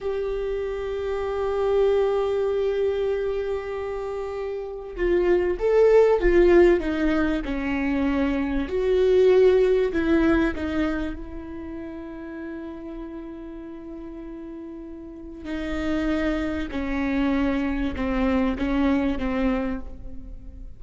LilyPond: \new Staff \with { instrumentName = "viola" } { \time 4/4 \tempo 4 = 97 g'1~ | g'1 | f'4 a'4 f'4 dis'4 | cis'2 fis'2 |
e'4 dis'4 e'2~ | e'1~ | e'4 dis'2 cis'4~ | cis'4 c'4 cis'4 c'4 | }